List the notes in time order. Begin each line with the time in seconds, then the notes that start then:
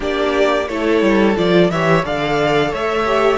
0.00 A#3 D4 G4 D5
0.68 A3 E4 A4 C#5
1.02 G3
1.36 F3 F4 D5
1.70 E3 G4 C#5 E5
2.03 D3 A4 D5 F5
2.71 A3 C#5 E5
3.05 G4